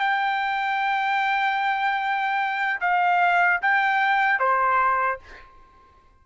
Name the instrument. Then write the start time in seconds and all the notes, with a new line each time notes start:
trumpet
0.00 G5
2.81 F5
3.62 G5
4.40 C5